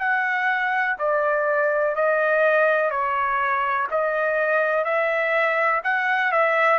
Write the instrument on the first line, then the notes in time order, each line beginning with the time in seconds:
trumpet
0.00 F#5
0.99 D5
1.96 D#5
2.91 C#5
3.91 D#5
4.85 E5
5.84 F#5
6.32 E5